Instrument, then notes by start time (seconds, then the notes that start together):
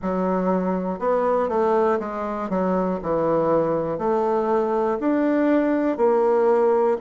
bassoon
0.01 F#3
0.99 B3
1.48 A3
2.00 G#3
2.49 F#3
3.02 E3
3.98 A3
5.00 D4
5.97 A#3